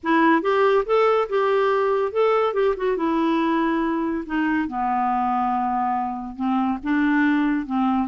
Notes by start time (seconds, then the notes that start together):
0.03 E4
0.42 G4
0.85 A4
1.29 G4
2.11 A4
2.53 G4
2.77 F#4
2.96 E4
4.26 D#4
4.68 B3
6.35 C4
6.83 D4
7.65 C4